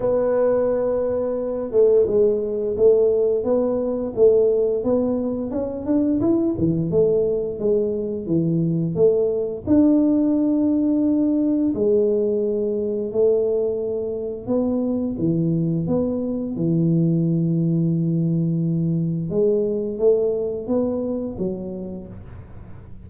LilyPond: \new Staff \with { instrumentName = "tuba" } { \time 4/4 \tempo 4 = 87 b2~ b8 a8 gis4 | a4 b4 a4 b4 | cis'8 d'8 e'8 e8 a4 gis4 | e4 a4 d'2~ |
d'4 gis2 a4~ | a4 b4 e4 b4 | e1 | gis4 a4 b4 fis4 | }